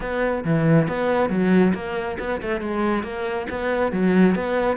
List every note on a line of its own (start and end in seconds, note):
0.00 0.43 B3
0.44 0.88 E3
0.88 1.29 B3
1.29 1.73 F#3
1.74 2.17 A#3
2.19 2.41 B3
2.41 2.60 A3
2.60 3.03 G#3
3.03 3.46 A#3
3.50 3.92 B3
3.92 4.35 F#3
4.35 4.76 B3